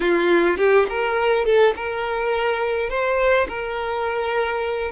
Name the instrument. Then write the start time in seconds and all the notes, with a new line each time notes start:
violin
0.00 F4
0.57 G4
0.89 A#4
1.45 A4
1.76 A#4
2.89 C5
3.48 A#4